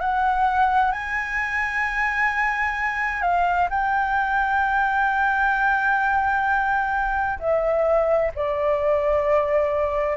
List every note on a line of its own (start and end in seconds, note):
0.00 0.91 F#5
0.91 3.22 G#5
3.22 3.68 F5
3.70 7.39 G5
7.39 8.31 E5
8.35 10.17 D5